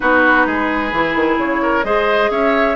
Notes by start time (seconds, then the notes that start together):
0.00 B3 D#4 F#4 B4
0.46 G#3 G#4
0.92 E3 E4
1.15 D#3
1.37 C#3 C#5
1.62 A#4
1.83 G#3 G#4 C5 D#5
2.30 C#4 C#5 E5